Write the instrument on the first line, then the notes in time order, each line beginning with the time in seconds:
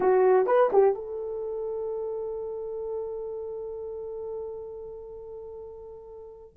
horn
0.00 F#4
0.46 B4
0.72 G4
0.95 A4